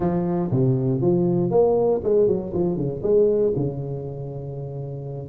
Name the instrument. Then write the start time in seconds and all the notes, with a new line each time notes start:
tuba
0.00 F3
0.51 C3
1.01 F3
1.50 A#3
2.03 G#3
2.27 F#3
2.53 F3
2.76 C#3
3.02 G#3
3.55 C#3